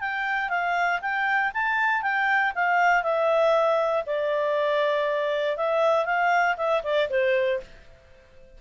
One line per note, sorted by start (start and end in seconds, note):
0.00 0.49 G5
0.49 1.00 F5
1.01 1.52 G5
1.54 2.02 A5
2.02 2.53 G5
2.55 3.03 F5
3.03 4.04 E5
4.06 5.57 D5
5.57 6.05 E5
6.05 6.56 F5
6.57 6.82 E5
6.83 7.08 D5
7.10 7.60 C5